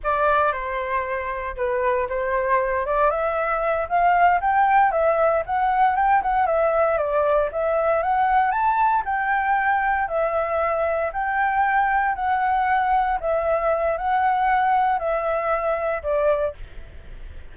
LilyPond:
\new Staff \with { instrumentName = "flute" } { \time 4/4 \tempo 4 = 116 d''4 c''2 b'4 | c''4. d''8 e''4. f''8~ | f''8 g''4 e''4 fis''4 g''8 | fis''8 e''4 d''4 e''4 fis''8~ |
fis''8 a''4 g''2 e''8~ | e''4. g''2 fis''8~ | fis''4. e''4. fis''4~ | fis''4 e''2 d''4 | }